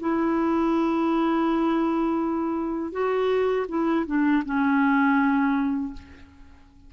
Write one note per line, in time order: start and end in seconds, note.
0.00 2.92 E4
2.92 3.66 F#4
3.69 4.06 E4
4.06 4.43 D4
4.45 5.94 C#4